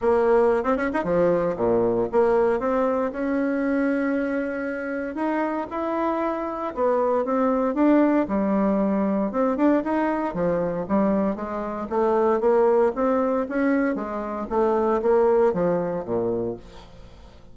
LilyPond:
\new Staff \with { instrumentName = "bassoon" } { \time 4/4 \tempo 4 = 116 ais4~ ais16 c'16 cis'16 dis'16 f4 ais,4 | ais4 c'4 cis'2~ | cis'2 dis'4 e'4~ | e'4 b4 c'4 d'4 |
g2 c'8 d'8 dis'4 | f4 g4 gis4 a4 | ais4 c'4 cis'4 gis4 | a4 ais4 f4 ais,4 | }